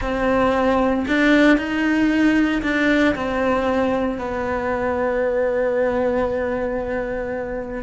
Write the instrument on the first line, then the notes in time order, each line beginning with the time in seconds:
cello
0.01 C4
1.07 D4
1.57 D#4
2.62 D4
3.15 C4
4.18 B3